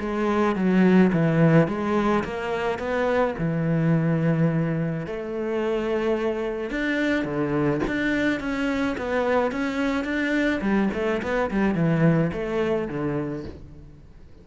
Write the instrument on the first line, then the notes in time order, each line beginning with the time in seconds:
cello
0.00 G#3
0.56 F#3
1.13 E3
1.68 G#3
2.24 A#3
2.79 B3
3.38 E3
5.07 A3
6.71 D4
7.25 D3
7.87 D4
8.40 C#4
8.98 B3
9.52 C#4
10.04 D4
10.61 G3
10.94 A3
11.23 B3
11.51 G3
11.75 E3
12.33 A3
12.88 D3